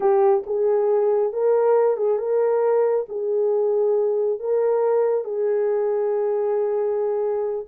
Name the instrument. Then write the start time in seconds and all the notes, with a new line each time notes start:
horn
0.00 G4
0.46 G#4
1.32 A#4
1.96 G#4
2.18 A#4
3.08 G#4
4.39 A#4
5.24 G#4